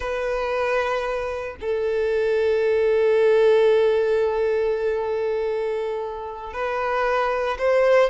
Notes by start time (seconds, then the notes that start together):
0.00 B4
1.60 A4
6.53 B4
7.58 C5